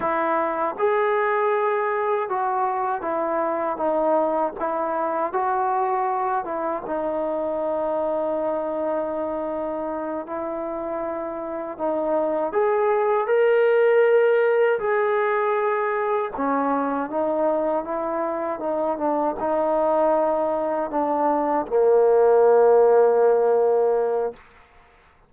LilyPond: \new Staff \with { instrumentName = "trombone" } { \time 4/4 \tempo 4 = 79 e'4 gis'2 fis'4 | e'4 dis'4 e'4 fis'4~ | fis'8 e'8 dis'2.~ | dis'4. e'2 dis'8~ |
dis'8 gis'4 ais'2 gis'8~ | gis'4. cis'4 dis'4 e'8~ | e'8 dis'8 d'8 dis'2 d'8~ | d'8 ais2.~ ais8 | }